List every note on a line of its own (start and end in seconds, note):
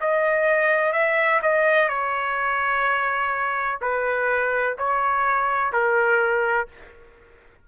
0.00 0.92 D#5
0.92 1.40 E5
1.42 1.88 D#5
1.88 3.78 C#5
3.81 4.76 B4
4.78 5.72 C#5
5.72 6.68 A#4